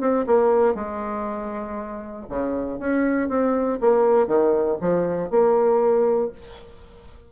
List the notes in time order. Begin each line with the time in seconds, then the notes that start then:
0.00 C4
0.26 A#3
0.74 G#3
2.29 C#3
2.79 C#4
3.29 C4
3.81 A#3
4.27 D#3
4.81 F3
5.30 A#3